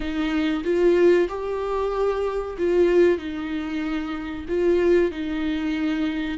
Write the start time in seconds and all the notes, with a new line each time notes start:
0.00 D#4
0.64 F4
1.29 G4
2.58 F4
3.18 D#4
4.48 F4
5.11 D#4